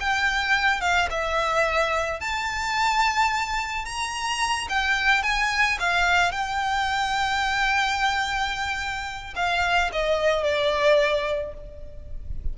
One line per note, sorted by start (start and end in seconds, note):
0.00 0.81 G5
0.81 1.08 F5
1.10 2.20 E5
2.20 3.85 A5
3.85 4.68 A#5
4.69 5.23 G5
5.23 5.78 G#5
5.79 6.31 F5
6.31 9.34 G5
9.36 9.91 F5
9.92 10.43 D#5
10.43 11.53 D5